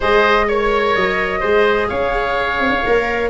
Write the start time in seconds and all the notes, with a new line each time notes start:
0.00 G#3 G#4 C5 D#5
0.47 A#4 C#5
0.95 F#3 D#5
1.40 G#3 G#4 C5
1.88 C#4 C#5 F5
2.60 C4
2.70 C#4
2.85 A#3 A#4